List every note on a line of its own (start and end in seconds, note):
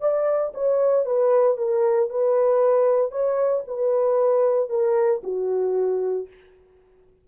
0.00 0.52 D5
0.54 1.05 C#5
1.05 1.57 B4
1.57 2.09 A#4
2.09 3.11 B4
3.11 3.63 C#5
3.67 4.69 B4
4.69 5.21 A#4
5.23 6.28 F#4